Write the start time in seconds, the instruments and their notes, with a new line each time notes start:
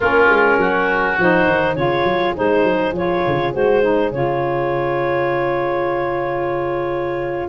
0.00 tuba A#3, saxophone C#4, oboe F4, clarinet A#4
0.28 tuba G#3
0.57 tuba F#3, oboe F#4
1.18 tuba F3, saxophone D#4, clarinet C5
1.46 tuba D#3
1.73 tuba C#3, saxophone F4, oboe G#4, clarinet C#5
2.03 tuba F#3
2.35 tuba G#3, saxophone D#4, clarinet C5
2.63 tuba F#3
2.92 tuba F3, saxophone F4, clarinet C#5
3.27 tuba C#3
3.52 tuba G#3, saxophone F#4, clarinet C5
3.82 saxophone D#4
4.12 tuba C#3, saxophone F4, clarinet C#5